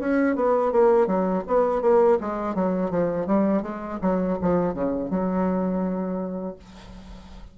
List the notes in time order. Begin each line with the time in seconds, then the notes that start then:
0.00 C#4
0.36 B3
0.72 A#3
1.07 F#3
1.48 B3
1.82 A#3
2.21 G#3
2.55 F#3
2.91 F3
3.27 G3
3.63 G#3
4.02 F#3
4.42 F3
4.74 C#3
5.10 F#3